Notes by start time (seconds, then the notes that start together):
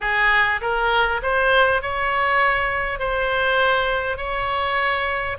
0.00 G#4
0.61 A#4
1.22 C5
1.82 C#5
2.99 C5
4.17 C#5